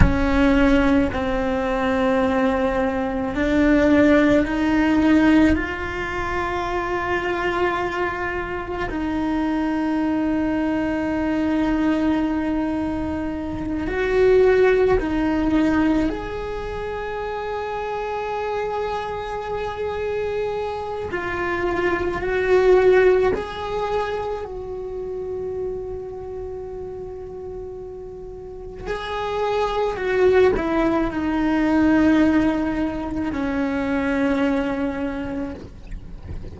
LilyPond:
\new Staff \with { instrumentName = "cello" } { \time 4/4 \tempo 4 = 54 cis'4 c'2 d'4 | dis'4 f'2. | dis'1~ | dis'8 fis'4 dis'4 gis'4.~ |
gis'2. f'4 | fis'4 gis'4 fis'2~ | fis'2 gis'4 fis'8 e'8 | dis'2 cis'2 | }